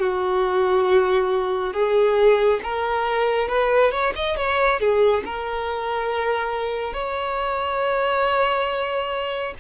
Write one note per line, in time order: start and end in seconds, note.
0.00 1.74 F#4
1.74 2.61 G#4
2.63 3.49 A#4
3.49 3.92 B4
3.92 4.14 C#5
4.16 4.37 D#5
4.37 4.80 C#5
4.80 5.24 G#4
5.26 6.94 A#4
6.94 9.55 C#5